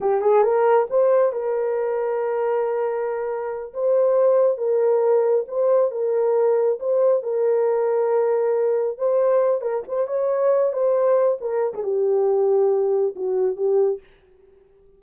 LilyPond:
\new Staff \with { instrumentName = "horn" } { \time 4/4 \tempo 4 = 137 g'8 gis'8 ais'4 c''4 ais'4~ | ais'1~ | ais'8 c''2 ais'4.~ | ais'8 c''4 ais'2 c''8~ |
c''8 ais'2.~ ais'8~ | ais'8 c''4. ais'8 c''8 cis''4~ | cis''8 c''4. ais'8. gis'16 g'4~ | g'2 fis'4 g'4 | }